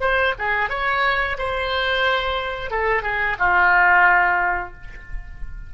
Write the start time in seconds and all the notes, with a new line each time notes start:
0.00 C5
0.38 G#4
0.69 C#5
1.38 C5
2.71 A4
3.02 G#4
3.39 F4